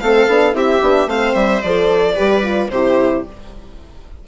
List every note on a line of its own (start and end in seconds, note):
0.00 0.28 A3
0.00 0.28 C4
0.00 0.55 A4
0.00 0.54 F5
0.28 0.54 B3
0.28 0.52 D4
0.52 0.81 C4
0.52 0.79 E4
0.52 1.09 G4
0.52 1.10 E5
0.82 1.06 B3
0.82 1.08 D4
1.06 1.33 A3
1.06 1.62 C4
1.06 2.15 C5
1.06 1.35 F5
1.35 1.62 G3
1.35 1.62 E5
1.62 2.17 F3
1.62 2.16 A4
1.62 2.70 D5
2.15 2.69 G3
2.15 2.43 G4
2.15 2.69 B4
2.43 2.70 F4
2.69 3.24 C3
2.69 3.27 E4
2.69 3.26 G4
2.69 3.24 C5